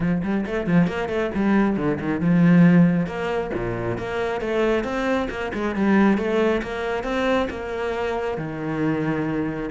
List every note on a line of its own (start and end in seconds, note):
0.00 0.22 F3
0.23 0.45 G3
0.46 0.67 A3
0.67 0.87 F3
0.87 1.08 A#3
1.08 1.30 A3
1.35 1.76 G3
1.76 1.98 D3
2.00 2.20 D#3
2.20 3.06 F3
3.06 3.50 A#3
3.53 3.97 A#2
3.97 4.41 A#3
4.41 4.83 A3
4.83 5.28 C4
5.30 5.52 A#3
5.53 5.75 G#3
5.75 6.17 G3
6.17 6.61 A3
6.62 7.03 A#3
7.03 7.48 C4
7.50 8.37 A#3
8.37 9.69 D#3